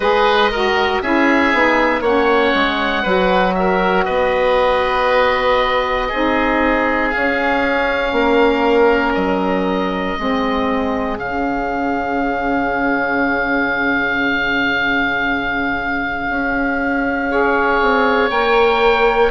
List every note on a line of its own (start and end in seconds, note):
0.00 0.99 G#3
0.00 0.51 G#4
0.00 0.51 B4
0.00 1.01 D#5
0.51 1.03 F#4
0.51 1.01 A#4
1.01 1.53 C#4
1.01 1.53 E4
1.01 2.01 G#4
1.01 2.03 E5
1.53 2.00 B3
1.53 2.03 D#4
2.00 2.51 A#3
2.00 3.04 C#4
2.00 3.02 C#5
2.00 3.54 F#5
2.54 3.04 G#3
3.02 4.06 F#3
3.02 6.09 F#4
3.02 3.53 B4
3.54 4.04 A#4
3.54 4.04 E5
4.04 6.11 B3
4.04 6.08 B4
4.04 7.09 D#5
6.08 7.14 C4
6.08 7.12 D#4
6.08 8.11 G#4
7.09 10.17 C#4
7.09 8.12 C#4
7.09 9.12 F5
8.12 9.14 A#3
8.12 10.18 A#4
9.14 10.17 F#3
9.14 11.18 D#5
10.17 11.18 G#3
10.17 11.18 C4
10.17 17.30 G#4
11.18 16.26 C#3
11.18 17.28 C#4
11.18 18.30 F5
16.29 17.81 C#4
17.29 18.29 G#4
17.29 19.30 C#5
17.81 18.29 C4
18.29 19.30 A#3
18.29 19.30 A#4
18.29 19.30 G5